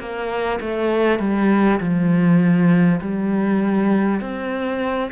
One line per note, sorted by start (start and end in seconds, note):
0.00 0.60 A#3
0.61 1.19 A3
1.19 1.79 G3
1.81 3.01 F3
3.01 4.21 G3
4.21 5.11 C4